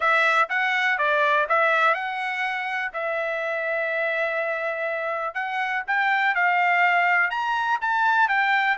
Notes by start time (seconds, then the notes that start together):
0.00 E5
0.49 F#5
0.98 D5
1.48 E5
1.94 F#5
2.93 E5
5.34 F#5
5.87 G5
6.35 F5
7.30 A#5
7.81 A5
8.28 G5